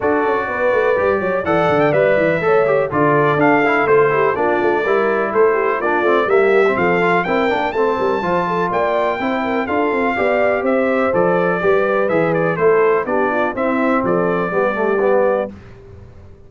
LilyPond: <<
  \new Staff \with { instrumentName = "trumpet" } { \time 4/4 \tempo 4 = 124 d''2. fis''8. g''16 | e''2 d''4 f''4 | c''4 d''2 c''4 | d''4 e''4 f''4 g''4 |
a''2 g''2 | f''2 e''4 d''4~ | d''4 e''8 d''8 c''4 d''4 | e''4 d''2. | }
  \new Staff \with { instrumentName = "horn" } { \time 4/4 a'4 b'4. cis''8 d''4~ | d''4 cis''4 a'2~ | a'8 g'8 f'4 ais'4 a'8 g'8 | f'4 g'4 a'4 ais'4 |
c''8 ais'8 c''8 a'8 d''4 c''8 ais'8 | a'4 d''4 c''2 | b'2 a'4 g'8 f'8 | e'4 a'4 g'2 | }
  \new Staff \with { instrumentName = "trombone" } { \time 4/4 fis'2 g'4 a'4 | b'4 a'8 g'8 f'4 d'8 e'8 | f'8 e'8 d'4 e'2 | d'8 c'8 ais8. c'8. f'8 e'8 d'8 |
c'4 f'2 e'4 | f'4 g'2 a'4 | g'4 gis'4 e'4 d'4 | c'2 b8 a8 b4 | }
  \new Staff \with { instrumentName = "tuba" } { \time 4/4 d'8 cis'8 b8 a8 g8 fis8 e8 d8 | g8 e8 a4 d4 d'4 | a4 ais8 a8 g4 a4 | ais8 a8 g4 f4 c'8 ais8 |
a8 g8 f4 ais4 c'4 | d'8 c'8 b4 c'4 f4 | g4 e4 a4 b4 | c'4 f4 g2 | }
>>